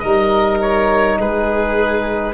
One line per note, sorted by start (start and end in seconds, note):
0.00 1.19 G3
0.00 2.35 D#4
0.00 1.19 A#4
0.00 0.58 D#5
0.62 1.20 C#5
1.19 2.35 G#3
1.19 2.35 G#4
1.19 2.35 B4